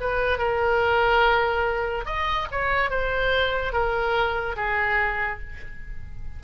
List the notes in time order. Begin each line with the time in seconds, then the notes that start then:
0.00 B4
0.38 A#4
2.06 D#5
2.51 C#5
2.90 C5
3.72 A#4
4.56 G#4